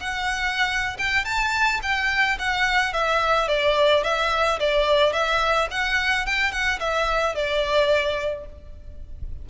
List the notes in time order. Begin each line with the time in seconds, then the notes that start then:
0.00 F#5
0.98 G5
1.24 A5
1.82 G5
2.38 F#5
2.93 E5
3.48 D5
4.04 E5
4.59 D5
5.12 E5
5.71 F#5
6.26 G5
6.51 F#5
6.80 E5
7.34 D5